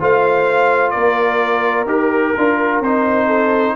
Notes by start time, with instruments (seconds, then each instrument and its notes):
0.00 tuba A3, trombone F4, horn C5, trumpet F5
0.91 tuba A#3, horn A#4, trumpet D5
1.86 tuba D#4, trombone G4, trumpet A#4
2.37 tuba D4, trombone F4
2.80 tuba C4, trombone D#4, trumpet C5
3.27 horn A4